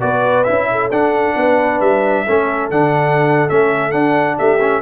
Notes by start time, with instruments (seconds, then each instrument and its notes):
0.00 tuba B3, trombone F#4, horn B4, trumpet D5
0.44 tuba C#4, trombone E4, trumpet E5
0.71 horn A4
0.91 tuba D4, trombone D4, trumpet F#5
1.36 tuba B3, horn B4
1.81 tuba G3, trumpet E5
2.25 tuba A3, trombone C#4, horn A4
2.70 tuba D3, trombone D4, trumpet F#5
3.49 tuba A3, trombone C#4, trumpet E5
3.91 trombone D4, tuba D4, trumpet F#5
4.38 tuba A3, horn G4, trumpet E5
4.60 trombone C#4